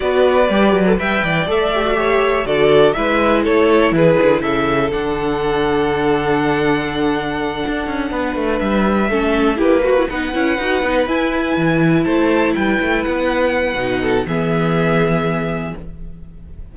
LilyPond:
<<
  \new Staff \with { instrumentName = "violin" } { \time 4/4 \tempo 4 = 122 d''2 g''4 e''4~ | e''4 d''4 e''4 cis''4 | b'4 e''4 fis''2~ | fis''1~ |
fis''4. e''2 b'8~ | b'8 fis''2 gis''4.~ | gis''8 a''4 g''4 fis''4.~ | fis''4 e''2. | }
  \new Staff \with { instrumentName = "violin" } { \time 4/4 b'2 e''8 d''4. | cis''4 a'4 b'4 a'4 | gis'4 a'2.~ | a'1~ |
a'8 b'2 a'4 g'8 | fis'8 b'2.~ b'8~ | b'8 c''4 b'2~ b'8~ | b'8 a'8 gis'2. | }
  \new Staff \with { instrumentName = "viola" } { \time 4/4 fis'4 g'8. a'16 b'4 a'8 g'16 fis'16 | g'4 fis'4 e'2~ | e'2 d'2~ | d'1~ |
d'2~ d'8 cis'4 e'8 | fis'16 e'16 dis'8 e'8 fis'8 dis'8 e'4.~ | e'1 | dis'4 b2. | }
  \new Staff \with { instrumentName = "cello" } { \time 4/4 b4 g8 fis8 g8 e8 a4~ | a4 d4 gis4 a4 | e8 d8 cis4 d2~ | d2.~ d8 d'8 |
cis'8 b8 a8 g4 a4 ais8~ | ais8 b8 cis'8 dis'8 b8 e'4 e8~ | e8 a4 g8 a8 b4. | b,4 e2. | }
>>